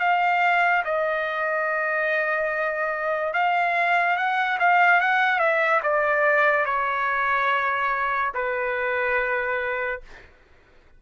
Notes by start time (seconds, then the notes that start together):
0.00 F5
0.85 D#5
3.33 F5
4.17 F#5
4.59 F5
5.00 F#5
5.39 E5
5.83 D5
6.66 C#5
8.34 B4